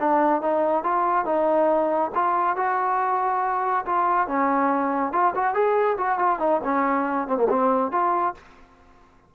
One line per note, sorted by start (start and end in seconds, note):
0.00 0.42 D4
0.42 0.84 D#4
0.84 1.25 F4
1.25 2.11 D#4
2.15 2.57 F4
2.57 3.85 F#4
3.86 4.28 F4
4.28 5.13 C#4
5.13 5.34 F4
5.35 5.54 F#4
5.54 5.97 G#4
5.98 6.19 F#4
6.19 6.40 F4
6.40 6.61 D#4
6.64 7.28 C#4
7.28 7.37 C4
7.37 7.48 A#3
7.49 7.92 C4
7.92 8.35 F4